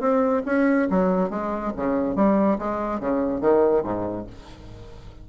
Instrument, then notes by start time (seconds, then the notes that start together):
bassoon
0.00 C4
0.46 C#4
0.90 F#3
1.30 G#3
1.76 C#3
2.15 G3
2.59 G#3
3.00 C#3
3.41 D#3
3.84 G#2